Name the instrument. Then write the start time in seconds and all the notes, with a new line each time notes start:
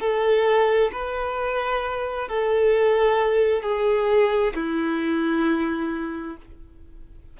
violin
0.00 A4
0.92 B4
2.28 A4
3.62 G#4
4.55 E4